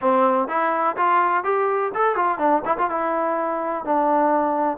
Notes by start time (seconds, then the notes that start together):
0.01 C4
0.48 E4
0.96 F4
1.44 G4
1.94 A4
2.15 F4
2.38 D4
2.65 E4
2.78 F4
2.90 E4
3.84 D4